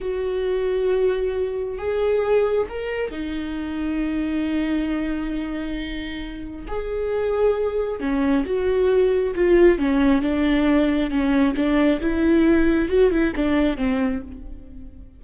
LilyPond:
\new Staff \with { instrumentName = "viola" } { \time 4/4 \tempo 4 = 135 fis'1 | gis'2 ais'4 dis'4~ | dis'1~ | dis'2. gis'4~ |
gis'2 cis'4 fis'4~ | fis'4 f'4 cis'4 d'4~ | d'4 cis'4 d'4 e'4~ | e'4 fis'8 e'8 d'4 c'4 | }